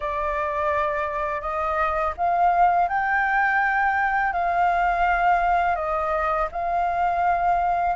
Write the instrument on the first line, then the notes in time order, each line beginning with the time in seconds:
flute
0.00 D5
1.41 D#5
2.17 F5
2.88 G5
4.32 F5
5.75 D#5
6.51 F5